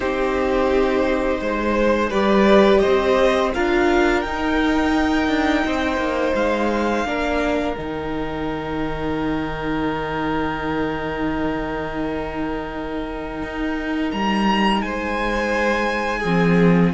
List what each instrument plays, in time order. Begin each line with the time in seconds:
0.00 cello C4, viola D#4, violin G4 C5
1.40 cello G#3, violin C5
2.09 cello G3, viola G4, violin B4 D5
2.79 violin C5 D#5
2.86 cello C4
3.54 cello D4, viola F4, violin A#4 F5
4.20 cello D#4, viola D#4, violin G5
5.28 cello D4
5.65 cello C4, violin C5
5.97 cello A#3
6.35 cello G#3, violin F5
7.05 cello A#3, viola D4, violin A#4
7.75 cello D#3, viola D#4, violin G5
13.42 cello D#4
14.11 cello G3, violin A#5
14.82 cello G#3, violin C5 G#5
16.19 cello F3, viola C4, violin G#4